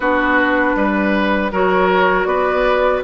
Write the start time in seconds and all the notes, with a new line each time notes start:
0.00 B3 D4 F#4 B4
0.75 G3 B4
1.52 F#3 F#4 A#4 C#5
2.25 B3 B4 D5